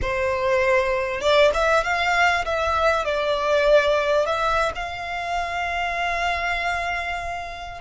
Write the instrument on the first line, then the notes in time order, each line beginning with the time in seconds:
violin
0.01 C5
1.20 D5
1.54 E5
1.83 F5
2.45 E5
3.04 D5
4.26 E5
4.75 F5